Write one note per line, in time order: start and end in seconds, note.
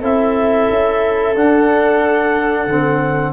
0.00 0.68 C4
0.00 1.35 E4
0.00 3.32 A4
0.00 1.36 E5
0.70 1.35 C#4
1.35 2.67 D4
1.35 2.68 D4
1.35 3.32 F#5
2.67 3.32 D3
2.67 3.32 C4